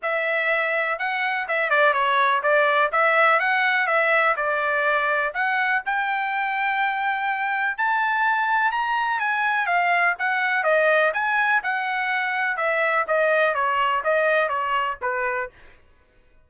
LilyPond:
\new Staff \with { instrumentName = "trumpet" } { \time 4/4 \tempo 4 = 124 e''2 fis''4 e''8 d''8 | cis''4 d''4 e''4 fis''4 | e''4 d''2 fis''4 | g''1 |
a''2 ais''4 gis''4 | f''4 fis''4 dis''4 gis''4 | fis''2 e''4 dis''4 | cis''4 dis''4 cis''4 b'4 | }